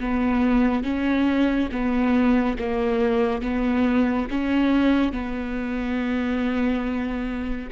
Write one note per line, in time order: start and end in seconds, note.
0.00 0.84 B3
0.84 1.70 C#4
1.72 2.58 B3
2.59 3.42 A#3
3.42 4.28 B3
4.31 5.13 C#4
5.13 7.70 B3